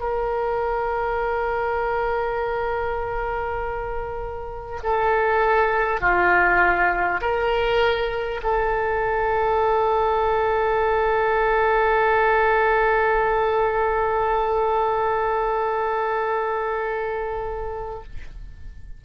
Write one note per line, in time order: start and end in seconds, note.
0.00 4.80 A#4
4.83 6.01 A4
6.01 7.21 F4
7.21 8.41 A#4
8.43 18.03 A4